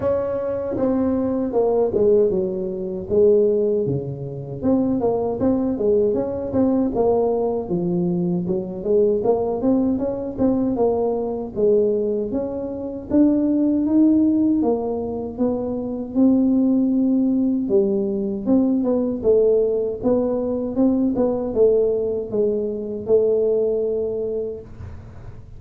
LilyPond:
\new Staff \with { instrumentName = "tuba" } { \time 4/4 \tempo 4 = 78 cis'4 c'4 ais8 gis8 fis4 | gis4 cis4 c'8 ais8 c'8 gis8 | cis'8 c'8 ais4 f4 fis8 gis8 | ais8 c'8 cis'8 c'8 ais4 gis4 |
cis'4 d'4 dis'4 ais4 | b4 c'2 g4 | c'8 b8 a4 b4 c'8 b8 | a4 gis4 a2 | }